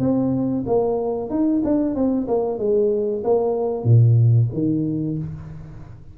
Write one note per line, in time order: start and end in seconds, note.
0.00 0.65 C4
0.67 1.30 A#3
1.30 1.62 D#4
1.64 1.95 D4
1.95 2.28 C4
2.28 2.59 A#3
2.59 3.23 G#3
3.25 3.84 A#3
3.84 4.49 A#2
4.54 5.18 D#3